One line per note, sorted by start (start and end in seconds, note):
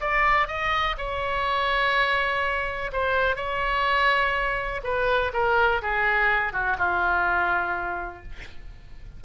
0.00 0.47 D5
0.47 0.95 D#5
0.97 2.91 C#5
2.92 3.36 C5
3.36 4.81 C#5
4.83 5.32 B4
5.33 5.81 A#4
5.82 6.52 G#4
6.52 6.76 F#4
6.77 8.23 F4